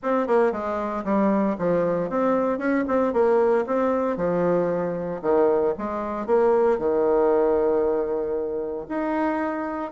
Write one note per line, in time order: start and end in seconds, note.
0.03 0.27 C4
0.27 0.51 A#3
0.51 1.04 G#3
1.04 1.56 G3
1.58 2.09 F3
2.09 2.58 C4
2.58 2.84 C#4
2.87 3.13 C4
3.13 3.65 A#3
3.66 4.16 C4
4.16 5.21 F3
5.22 5.74 D#3
5.78 6.26 G#3
6.26 6.78 A#3
6.78 8.86 D#3
8.88 9.91 D#4